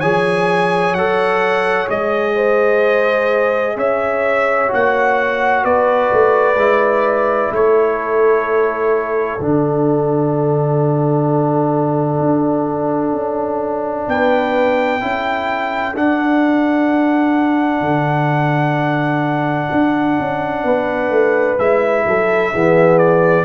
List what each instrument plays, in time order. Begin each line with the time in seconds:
0.00 tuba F3, trombone G#4, horn C#5, trumpet G#5
0.94 tuba F#3, trombone A4, trumpet F#5
1.88 tuba G#3, trombone G#4, trumpet D#5
2.36 horn C5
3.77 tuba C#4, horn C#5, trumpet E5
4.68 tuba A#3, trombone F#4, trumpet F#5
5.65 tuba B3, horn B4, trumpet D5
6.13 tuba A3
6.56 tuba G#3, trombone E4
7.51 tuba A3, horn A4, trumpet C#5
9.40 tuba D3, trombone D4, trumpet F#5
12.20 tuba D4
13.14 tuba C#4
14.08 tuba B3, horn B4, trumpet G5
15.01 tuba C#4, trombone E4, horn A4
15.96 tuba D4, trombone D4, trumpet F#5
17.81 tuba D3
19.72 tuba D4
20.20 tuba C#4
20.64 tuba B3, horn B4
21.10 tuba A3
21.59 tuba G#3, trombone E4, trumpet E5
22.06 tuba F#3, horn A4
22.53 tuba E3, trombone B3, horn G#4
22.99 trumpet D5